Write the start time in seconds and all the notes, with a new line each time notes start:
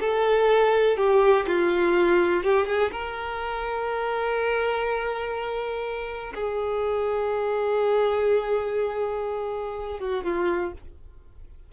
0.00 A4
0.97 G4
1.47 F4
2.43 G4
2.66 G#4
2.92 A#4
6.34 G#4
9.99 F#4
10.24 F4